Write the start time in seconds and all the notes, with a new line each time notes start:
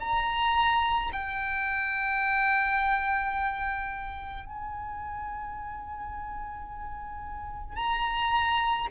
0.00 A#5
1.13 G5
4.45 G#5
7.76 A#5